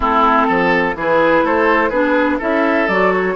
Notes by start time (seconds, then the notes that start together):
0.00 A3 C4 E4 A4
0.47 F3 A4
0.94 E3 E4 G#4 B4
1.43 A3 A4 C5
1.89 B3 D4 G#4 B4
2.38 C#4 E4 A4 E5
2.88 F#3 F#4 D5
3.12 C#5